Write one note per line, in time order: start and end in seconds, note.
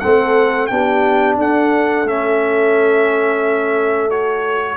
0.00 0.71 A3
0.00 0.70 C4
0.00 0.69 A4
0.00 0.67 F#5
0.67 1.38 B3
0.67 2.06 D4
0.67 1.38 G4
0.67 1.35 G5
1.38 2.04 D4
1.38 4.77 A4
1.38 2.08 F#5
2.04 4.77 A3
2.04 4.10 C#4
2.04 4.11 E5
4.10 4.77 F#4
4.10 4.77 C#5